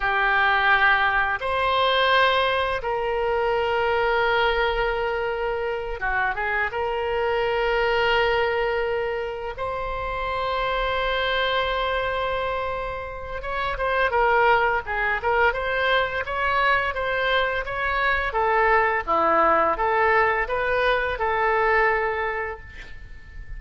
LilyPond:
\new Staff \with { instrumentName = "oboe" } { \time 4/4 \tempo 4 = 85 g'2 c''2 | ais'1~ | ais'8 fis'8 gis'8 ais'2~ ais'8~ | ais'4. c''2~ c''8~ |
c''2. cis''8 c''8 | ais'4 gis'8 ais'8 c''4 cis''4 | c''4 cis''4 a'4 e'4 | a'4 b'4 a'2 | }